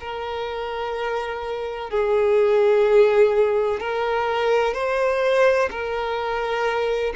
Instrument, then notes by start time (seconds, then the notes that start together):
violin
0.00 A#4
1.90 G#4
3.80 A#4
4.73 C5
5.70 A#4